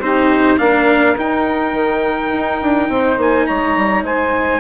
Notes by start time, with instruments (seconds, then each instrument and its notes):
0.00 bassoon C4, cello D#4, saxophone G4, trumpet C5
0.58 bassoon A#3, cello D4, saxophone A#4, trumpet F5
1.17 cello D#4, bassoon D#4, trumpet G5
1.72 bassoon D#3
2.33 bassoon D#4
2.62 bassoon D4
2.89 bassoon C4, saxophone C5
3.17 bassoon A#3, trumpet G#5
3.46 bassoon G#3, saxophone C#5, trumpet A#5
3.77 bassoon G3
4.03 bassoon G#3, saxophone C5, trumpet G#5